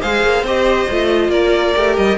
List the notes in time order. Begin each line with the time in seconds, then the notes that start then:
0.00 G#3 G#4 C5 F5
0.23 A#3
0.42 C4 G4 D#5
0.90 A3 F4
1.29 A#3 A#4 D5
1.75 A3 G4
1.96 G3 D#5